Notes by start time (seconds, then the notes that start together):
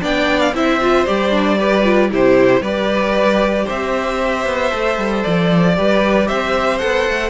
0.00 B3 D4 D5 G5
0.40 F5
0.54 C4 E4 C5 E5
0.80 F4
1.06 G3 G4 D5
1.31 D4
1.58 G4 B4
1.84 F4
2.09 C3 E4 G4 C5
2.60 G3 G4 B4 D5
3.64 C4 C5 E5
4.45 B3
4.71 A3 A4
4.98 G3
5.23 F3 D5
5.75 G3 G4 B4
6.27 C4 C5 E5
6.78 B3 A4 F#5
7.08 A3